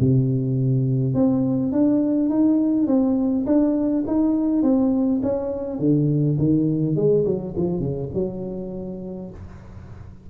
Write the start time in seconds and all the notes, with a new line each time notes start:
0.00 C3
1.14 C4
1.73 D4
2.30 D#4
2.88 C4
3.47 D4
4.08 D#4
4.63 C4
5.23 C#4
5.80 D3
6.39 D#3
6.96 G#3
7.26 F#3
7.57 F3
7.80 C#3
8.14 F#3